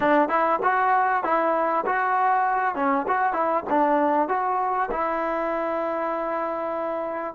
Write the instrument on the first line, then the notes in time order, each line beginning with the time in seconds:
trombone
0.00 D4
0.29 E4
0.63 F#4
1.23 E4
1.85 F#4
2.75 C#4
3.07 F#4
3.33 E4
3.69 D4
4.28 F#4
4.91 E4